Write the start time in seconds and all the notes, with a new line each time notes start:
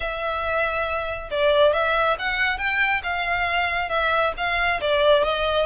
0.00 E5
1.30 D5
1.73 E5
2.19 F#5
2.58 G5
3.03 F5
3.89 E5
4.37 F5
4.80 D5
5.23 D#5